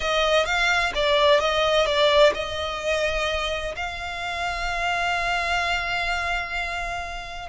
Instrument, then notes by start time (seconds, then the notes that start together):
violin
0.00 D#5
0.45 F5
0.94 D5
1.40 D#5
1.85 D5
2.34 D#5
3.76 F5